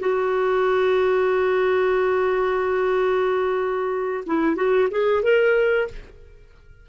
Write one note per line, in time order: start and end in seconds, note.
0.00 4.24 F#4
4.26 4.56 E4
4.56 4.88 F#4
4.91 5.23 G#4
5.23 5.88 A#4